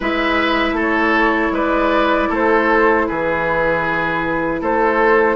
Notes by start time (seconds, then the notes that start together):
0.00 G#3 E4 B4 E5
0.72 A3 A4
0.80 C#5
1.51 G#3 B4 D5
2.29 A3 A4 C5
3.07 E3 G#4 B4
4.61 A3 A4 C5